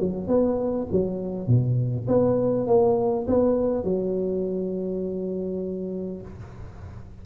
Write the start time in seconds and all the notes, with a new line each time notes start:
0.00 F#3
0.28 B3
0.92 F#3
1.47 B2
2.08 B3
2.67 A#3
3.28 B3
3.84 F#3